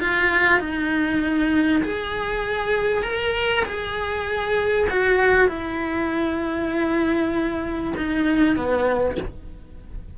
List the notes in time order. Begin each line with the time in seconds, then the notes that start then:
0.00 F4
0.59 D#4
1.83 G#4
3.03 A#4
3.65 G#4
4.90 F#4
5.48 E4
7.97 D#4
8.56 B3